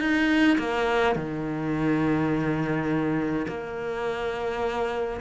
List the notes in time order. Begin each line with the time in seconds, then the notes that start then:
0.00 D#4
0.58 A#3
1.16 D#3
3.48 A#3